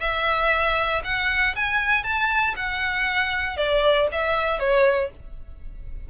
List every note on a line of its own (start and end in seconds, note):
0.00 1.02 E5
1.04 1.55 F#5
1.56 2.04 G#5
2.04 2.54 A5
2.56 3.57 F#5
3.57 4.07 D5
4.12 4.59 E5
4.59 5.10 C#5